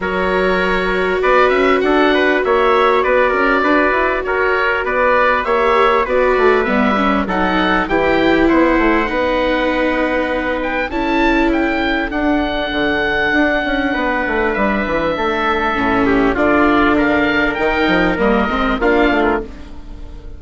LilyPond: <<
  \new Staff \with { instrumentName = "oboe" } { \time 4/4 \tempo 4 = 99 cis''2 d''8 e''8 fis''4 | e''4 d''2 cis''4 | d''4 e''4 d''4 e''4 | fis''4 g''4 fis''2~ |
fis''4. g''8 a''4 g''4 | fis''1 | e''2. d''4 | f''4 g''4 dis''4 f''8. ais'16 | }
  \new Staff \with { instrumentName = "trumpet" } { \time 4/4 ais'2 b'4 a'8 b'8 | cis''4 b'8 ais'8 b'4 ais'4 | b'4 cis''4 b'2 | a'4 g'4 c''4 b'4~ |
b'2 a'2~ | a'2. b'4~ | b'4 a'4. g'8 f'4 | ais'2. f'4 | }
  \new Staff \with { instrumentName = "viola" } { \time 4/4 fis'1~ | fis'1~ | fis'4 g'4 fis'4 b8 cis'8 | dis'4 e'2 dis'4~ |
dis'2 e'2 | d'1~ | d'2 cis'4 d'4~ | d'4 dis'4 ais8 c'8 d'4 | }
  \new Staff \with { instrumentName = "bassoon" } { \time 4/4 fis2 b8 cis'8 d'4 | ais4 b8 cis'8 d'8 e'8 fis'4 | b4 ais4 b8 a8 g4 | fis4 e4 b8 a8 b4~ |
b2 cis'2 | d'4 d4 d'8 cis'8 b8 a8 | g8 e8 a4 a,4 d4~ | d4 dis8 f8 g8 gis8 ais8 a8 | }
>>